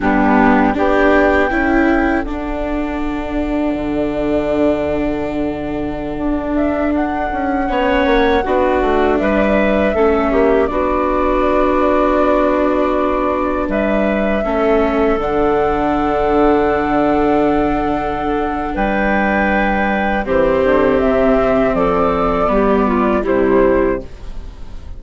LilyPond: <<
  \new Staff \with { instrumentName = "flute" } { \time 4/4 \tempo 4 = 80 g'4 g''2 fis''4~ | fis''1~ | fis''8. e''8 fis''2~ fis''8.~ | fis''16 e''2 d''4.~ d''16~ |
d''2~ d''16 e''4.~ e''16~ | e''16 fis''2.~ fis''8.~ | fis''4 g''2 c''4 | e''4 d''2 c''4 | }
  \new Staff \with { instrumentName = "clarinet" } { \time 4/4 d'4 g'4 a'2~ | a'1~ | a'2~ a'16 cis''4 fis'8.~ | fis'16 b'4 a'8 g'8 fis'4.~ fis'16~ |
fis'2~ fis'16 b'4 a'8.~ | a'1~ | a'4 b'2 g'4~ | g'4 a'4 g'8 f'8 e'4 | }
  \new Staff \with { instrumentName = "viola" } { \time 4/4 b4 d'4 e'4 d'4~ | d'1~ | d'2~ d'16 cis'4 d'8.~ | d'4~ d'16 cis'4 d'4.~ d'16~ |
d'2.~ d'16 cis'8.~ | cis'16 d'2.~ d'8.~ | d'2. c'4~ | c'2 b4 g4 | }
  \new Staff \with { instrumentName = "bassoon" } { \time 4/4 g4 b4 cis'4 d'4~ | d'4 d2.~ | d16 d'4. cis'8 b8 ais8 b8 a16~ | a16 g4 a8 ais8 b4.~ b16~ |
b2~ b16 g4 a8.~ | a16 d2.~ d8.~ | d4 g2 e8 d8 | c4 f4 g4 c4 | }
>>